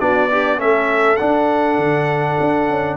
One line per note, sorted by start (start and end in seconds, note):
0.00 0.60 B3
0.00 0.30 D4
0.00 0.30 F#4
0.00 0.60 D5
0.30 0.59 D4
0.30 0.57 G4
0.57 1.20 A3
0.57 1.17 C#4
0.57 2.98 A4
0.57 1.17 E5
1.17 2.98 D4
1.17 1.78 D4
1.17 2.97 F#5
1.78 2.38 D3
2.41 2.70 D4
2.70 2.98 C#4